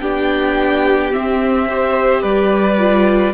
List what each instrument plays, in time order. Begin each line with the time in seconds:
0.00 cello B3, viola D4, violin G4 G5
1.12 viola C4, cello C4, violin E5
1.69 viola G4, violin C5
2.22 cello G3, violin B4 D5
2.78 viola F4